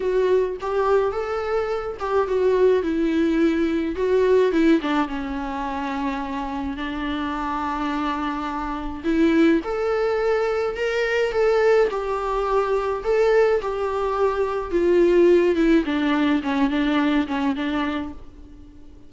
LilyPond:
\new Staff \with { instrumentName = "viola" } { \time 4/4 \tempo 4 = 106 fis'4 g'4 a'4. g'8 | fis'4 e'2 fis'4 | e'8 d'8 cis'2. | d'1 |
e'4 a'2 ais'4 | a'4 g'2 a'4 | g'2 f'4. e'8 | d'4 cis'8 d'4 cis'8 d'4 | }